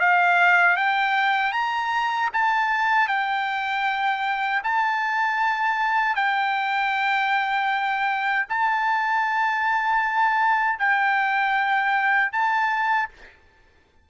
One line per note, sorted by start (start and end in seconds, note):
0.00 0.77 F5
0.77 1.52 G5
1.52 2.29 A#5
2.33 3.08 A5
3.08 4.62 G5
4.64 6.16 A5
6.16 8.47 G5
8.49 10.79 A5
10.79 12.32 G5
12.32 13.09 A5